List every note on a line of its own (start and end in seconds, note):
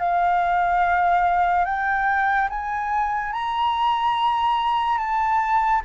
0.00 1.66 F5
1.66 2.49 G5
2.50 3.33 G#5
3.33 4.98 A#5
4.98 5.82 A5